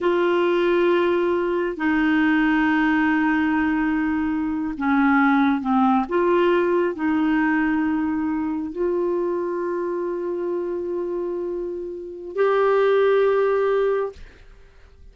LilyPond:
\new Staff \with { instrumentName = "clarinet" } { \time 4/4 \tempo 4 = 136 f'1 | dis'1~ | dis'2~ dis'8. cis'4~ cis'16~ | cis'8. c'4 f'2 dis'16~ |
dis'2.~ dis'8. f'16~ | f'1~ | f'1 | g'1 | }